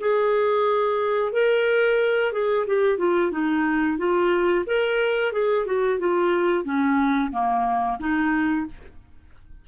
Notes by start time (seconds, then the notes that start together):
0.00 G#4
1.32 A#4
2.32 G#4
2.67 G4
2.98 F4
3.32 D#4
3.98 F4
4.66 A#4
5.32 G#4
5.66 F#4
5.99 F4
6.64 C#4
7.32 A#3
8.00 D#4